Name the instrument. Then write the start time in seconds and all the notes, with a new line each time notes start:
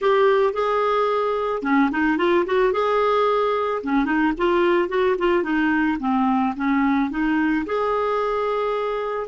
clarinet
0.01 G4
0.53 G#4
1.62 C#4
1.91 D#4
2.17 F4
2.45 F#4
2.72 G#4
3.83 C#4
4.05 D#4
4.37 F4
4.88 F#4
5.18 F4
5.43 D#4
5.99 C4
6.56 C#4
7.10 D#4
7.66 G#4